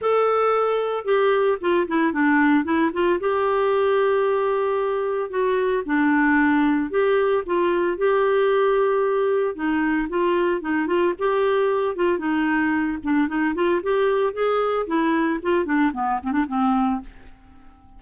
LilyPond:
\new Staff \with { instrumentName = "clarinet" } { \time 4/4 \tempo 4 = 113 a'2 g'4 f'8 e'8 | d'4 e'8 f'8 g'2~ | g'2 fis'4 d'4~ | d'4 g'4 f'4 g'4~ |
g'2 dis'4 f'4 | dis'8 f'8 g'4. f'8 dis'4~ | dis'8 d'8 dis'8 f'8 g'4 gis'4 | e'4 f'8 d'8 b8 c'16 d'16 c'4 | }